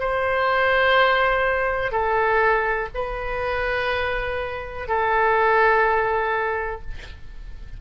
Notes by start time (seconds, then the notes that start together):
0.00 C5
1.92 A4
2.95 B4
4.88 A4